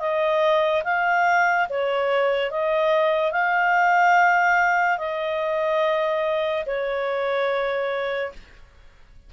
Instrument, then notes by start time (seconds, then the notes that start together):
clarinet
0.00 D#5
0.84 F5
1.69 C#5
2.51 D#5
3.32 F5
4.98 D#5
6.66 C#5